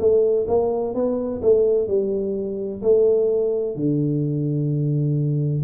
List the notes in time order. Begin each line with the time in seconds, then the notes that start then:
0.00 A3
0.48 A#3
0.95 B3
1.43 A3
1.88 G3
2.82 A3
3.76 D3